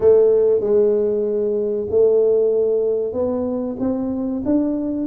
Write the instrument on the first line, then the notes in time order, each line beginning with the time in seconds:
tuba
0.00 A3
0.60 G#3
1.89 A3
3.13 B3
3.79 C4
4.45 D4